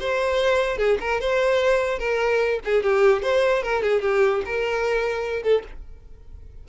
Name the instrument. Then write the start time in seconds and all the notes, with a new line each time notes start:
violin
0.00 C5
0.78 G#4
1.01 A#4
1.20 C5
1.99 A#4
2.65 G#4
2.83 G4
3.22 C5
3.63 A#4
3.83 G#4
4.02 G4
4.45 A#4
5.43 A4